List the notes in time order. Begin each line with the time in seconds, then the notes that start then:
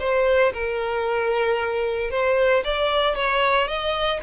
0.00 C5
0.54 A#4
2.11 C5
2.64 D5
3.16 C#5
3.67 D#5